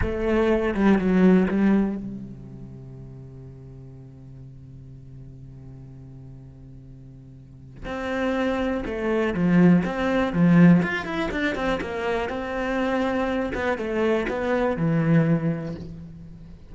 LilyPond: \new Staff \with { instrumentName = "cello" } { \time 4/4 \tempo 4 = 122 a4. g8 fis4 g4 | c1~ | c1~ | c1 |
c'2 a4 f4 | c'4 f4 f'8 e'8 d'8 c'8 | ais4 c'2~ c'8 b8 | a4 b4 e2 | }